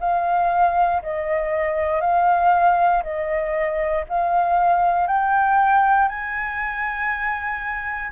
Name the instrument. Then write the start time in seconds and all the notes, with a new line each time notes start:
flute
0.00 F5
1.02 D#5
2.01 F5
3.03 D#5
4.09 F5
5.07 G5
6.08 G#5